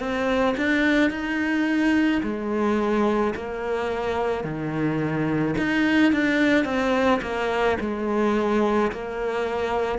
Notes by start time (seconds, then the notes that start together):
0.00 C4
0.58 D4
1.11 D#4
2.23 G#3
3.35 A#3
4.44 D#3
5.58 D#4
6.13 D4
6.65 C4
7.22 A#3
7.81 G#3
8.92 A#3